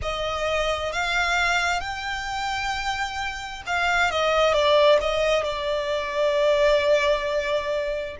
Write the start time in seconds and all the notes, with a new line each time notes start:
0.02 D#5
0.92 F5
1.80 G5
3.66 F5
4.10 D#5
4.53 D5
5.00 D#5
5.43 D5